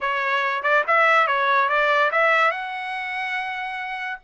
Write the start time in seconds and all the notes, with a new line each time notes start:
0.01 C#5
0.63 D5
0.87 E5
1.27 C#5
1.68 D5
2.11 E5
2.51 F#5